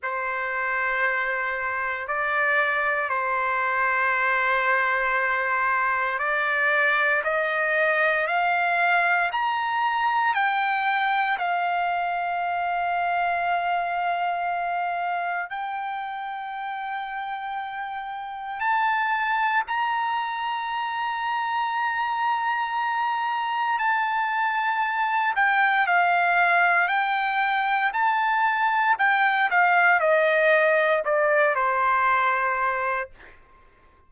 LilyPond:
\new Staff \with { instrumentName = "trumpet" } { \time 4/4 \tempo 4 = 58 c''2 d''4 c''4~ | c''2 d''4 dis''4 | f''4 ais''4 g''4 f''4~ | f''2. g''4~ |
g''2 a''4 ais''4~ | ais''2. a''4~ | a''8 g''8 f''4 g''4 a''4 | g''8 f''8 dis''4 d''8 c''4. | }